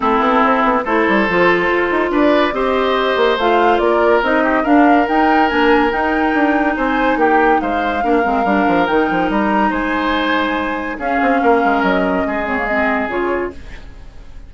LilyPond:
<<
  \new Staff \with { instrumentName = "flute" } { \time 4/4 \tempo 4 = 142 a'2 c''2~ | c''4 d''4 dis''2 | f''4 d''4 dis''4 f''4 | g''4 gis''4 g''2 |
gis''4 g''4 f''2~ | f''4 g''4 ais''4 gis''4~ | gis''2 f''2 | dis''4. cis''8 dis''4 cis''4 | }
  \new Staff \with { instrumentName = "oboe" } { \time 4/4 e'2 a'2~ | a'4 b'4 c''2~ | c''4 ais'4. g'8 ais'4~ | ais'1 |
c''4 g'4 c''4 ais'4~ | ais'2. c''4~ | c''2 gis'4 ais'4~ | ais'4 gis'2. | }
  \new Staff \with { instrumentName = "clarinet" } { \time 4/4 c'2 e'4 f'4~ | f'2 g'2 | f'2 dis'4 d'4 | dis'4 d'4 dis'2~ |
dis'2. d'8 c'8 | d'4 dis'2.~ | dis'2 cis'2~ | cis'4. c'16 ais16 c'4 f'4 | }
  \new Staff \with { instrumentName = "bassoon" } { \time 4/4 a8 b8 c'8 b8 a8 g8 f4 | f'8 dis'8 d'4 c'4. ais8 | a4 ais4 c'4 d'4 | dis'4 ais4 dis'4 d'4 |
c'4 ais4 gis4 ais8 gis8 | g8 f8 dis8 f8 g4 gis4~ | gis2 cis'8 c'8 ais8 gis8 | fis4 gis2 cis4 | }
>>